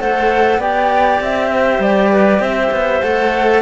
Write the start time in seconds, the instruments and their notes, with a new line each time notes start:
0.00 cello A3 A4, clarinet C5, flute F#5
0.59 cello B3 G4, clarinet D5, flute G5
1.20 cello C4, flute E5
1.49 clarinet C5
1.79 cello G3, flute D5
2.12 clarinet B4
2.40 cello C4, clarinet C5, flute E5
2.71 cello B3
3.03 cello A3 A4, flute F#5